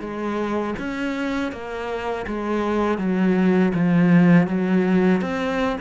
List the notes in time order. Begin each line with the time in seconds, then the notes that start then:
0.00 G#3
0.78 C#4
1.52 A#3
2.27 G#3
2.98 F#3
3.74 F3
4.47 F#3
5.21 C4